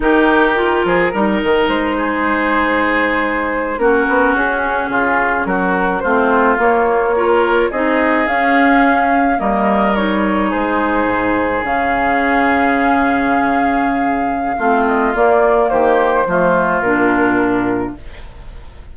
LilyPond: <<
  \new Staff \with { instrumentName = "flute" } { \time 4/4 \tempo 4 = 107 ais'2. c''4~ | c''2~ c''8. ais'4 gis'16~ | gis'4.~ gis'16 ais'4 c''4 cis''16~ | cis''4.~ cis''16 dis''4 f''4~ f''16~ |
f''8. dis''4 cis''4 c''4~ c''16~ | c''8. f''2.~ f''16~ | f''2~ f''8 dis''8 d''4 | c''2 ais'2 | }
  \new Staff \with { instrumentName = "oboe" } { \time 4/4 g'4. gis'8 ais'4. gis'8~ | gis'2~ gis'8. fis'4~ fis'16~ | fis'8. f'4 fis'4 f'4~ f'16~ | f'8. ais'4 gis'2~ gis'16~ |
gis'8. ais'2 gis'4~ gis'16~ | gis'1~ | gis'2 f'2 | g'4 f'2. | }
  \new Staff \with { instrumentName = "clarinet" } { \time 4/4 dis'4 f'4 dis'2~ | dis'2~ dis'8. cis'4~ cis'16~ | cis'2~ cis'8. c'4 ais16~ | ais8. f'4 dis'4 cis'4~ cis'16~ |
cis'8. ais4 dis'2~ dis'16~ | dis'8. cis'2.~ cis'16~ | cis'2 c'4 ais4~ | ais4 a4 d'2 | }
  \new Staff \with { instrumentName = "bassoon" } { \time 4/4 dis4. f8 g8 dis8 gis4~ | gis2~ gis8. ais8 b8 cis'16~ | cis'8. cis4 fis4 a4 ais16~ | ais4.~ ais16 c'4 cis'4~ cis'16~ |
cis'8. g2 gis4 gis,16~ | gis,8. cis2.~ cis16~ | cis2 a4 ais4 | dis4 f4 ais,2 | }
>>